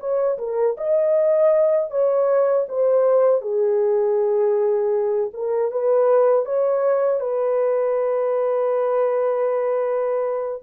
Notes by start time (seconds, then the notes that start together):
0.00 C#5
0.39 A#4
0.78 D#5
1.91 C#5
2.69 C5
3.42 G#4
5.34 A#4
5.72 B4
6.46 C#5
7.21 B4